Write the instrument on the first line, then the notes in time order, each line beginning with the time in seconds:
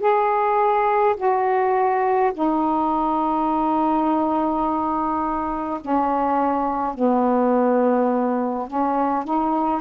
saxophone
0.00 G#4
1.17 F#4
2.33 D#4
5.81 C#4
6.94 B3
8.67 C#4
9.24 D#4